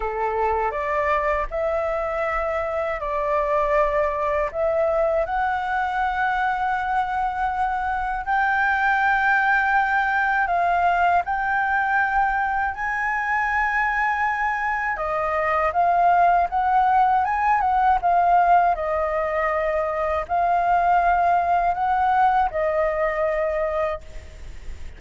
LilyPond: \new Staff \with { instrumentName = "flute" } { \time 4/4 \tempo 4 = 80 a'4 d''4 e''2 | d''2 e''4 fis''4~ | fis''2. g''4~ | g''2 f''4 g''4~ |
g''4 gis''2. | dis''4 f''4 fis''4 gis''8 fis''8 | f''4 dis''2 f''4~ | f''4 fis''4 dis''2 | }